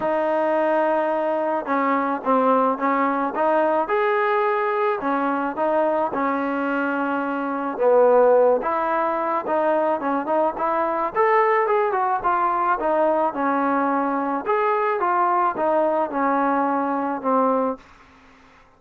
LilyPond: \new Staff \with { instrumentName = "trombone" } { \time 4/4 \tempo 4 = 108 dis'2. cis'4 | c'4 cis'4 dis'4 gis'4~ | gis'4 cis'4 dis'4 cis'4~ | cis'2 b4. e'8~ |
e'4 dis'4 cis'8 dis'8 e'4 | a'4 gis'8 fis'8 f'4 dis'4 | cis'2 gis'4 f'4 | dis'4 cis'2 c'4 | }